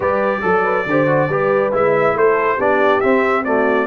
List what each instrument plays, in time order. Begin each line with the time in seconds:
0.00 tuba G3, trombone G4, horn B4, trumpet D5
0.41 tuba F#3, trombone A4, horn A4
0.64 horn B4
0.86 tuba D3, trombone G4, horn C5
1.07 trombone F#4
1.29 tuba G3, trombone G4, horn B4
1.72 tuba G#3, trombone E4, trumpet E5
2.14 tuba A3, horn A4, trumpet C5
2.56 tuba B3, trombone D4, horn G4, trumpet D5
3.00 trombone C4, tuba C4, trumpet E5
3.44 trombone A3, horn F#4, trumpet D5